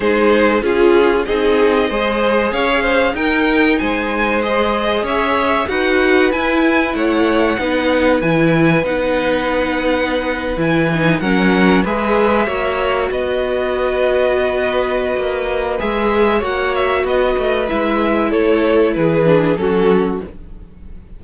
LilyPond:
<<
  \new Staff \with { instrumentName = "violin" } { \time 4/4 \tempo 4 = 95 c''4 gis'4 dis''2 | f''4 g''4 gis''4 dis''4 | e''4 fis''4 gis''4 fis''4~ | fis''4 gis''4 fis''2~ |
fis''8. gis''4 fis''4 e''4~ e''16~ | e''8. dis''2.~ dis''16~ | dis''4 e''4 fis''8 e''8 dis''4 | e''4 cis''4 b'4 a'4 | }
  \new Staff \with { instrumentName = "violin" } { \time 4/4 gis'4 f'4 gis'4 c''4 | cis''8 c''8 ais'4 c''2 | cis''4 b'2 cis''4 | b'1~ |
b'4.~ b'16 ais'4 b'4 cis''16~ | cis''8. b'2.~ b'16~ | b'2 cis''4 b'4~ | b'4 a'4 gis'4 fis'4 | }
  \new Staff \with { instrumentName = "viola" } { \time 4/4 dis'4 f'4 dis'4 gis'4~ | gis'4 dis'2 gis'4~ | gis'4 fis'4 e'2 | dis'4 e'4 dis'2~ |
dis'8. e'8 dis'8 cis'4 gis'4 fis'16~ | fis'1~ | fis'4 gis'4 fis'2 | e'2~ e'8 d'8 cis'4 | }
  \new Staff \with { instrumentName = "cello" } { \time 4/4 gis4 cis'4 c'4 gis4 | cis'4 dis'4 gis2 | cis'4 dis'4 e'4 a4 | b4 e4 b2~ |
b8. e4 fis4 gis4 ais16~ | ais8. b2.~ b16 | ais4 gis4 ais4 b8 a8 | gis4 a4 e4 fis4 | }
>>